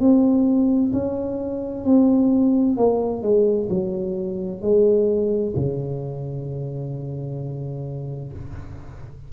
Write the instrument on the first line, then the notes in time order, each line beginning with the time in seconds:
tuba
0.00 C4
0.93 C#4
1.85 C4
2.77 A#3
3.22 G#3
3.69 F#3
4.62 G#3
5.56 C#3